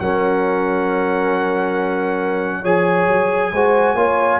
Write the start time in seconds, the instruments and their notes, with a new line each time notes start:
0.00 tuba F#3, trombone C#4, horn A#4, trumpet F#5
2.61 tuba F3, trombone G#4, horn C#5, trumpet G#5
3.08 tuba F#3
3.52 tuba G#3, trombone F#4, horn C5
3.95 tuba A#3, trombone F4, horn C#5